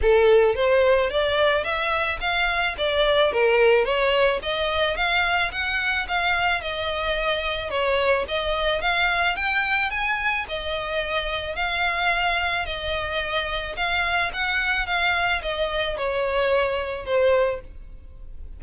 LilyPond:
\new Staff \with { instrumentName = "violin" } { \time 4/4 \tempo 4 = 109 a'4 c''4 d''4 e''4 | f''4 d''4 ais'4 cis''4 | dis''4 f''4 fis''4 f''4 | dis''2 cis''4 dis''4 |
f''4 g''4 gis''4 dis''4~ | dis''4 f''2 dis''4~ | dis''4 f''4 fis''4 f''4 | dis''4 cis''2 c''4 | }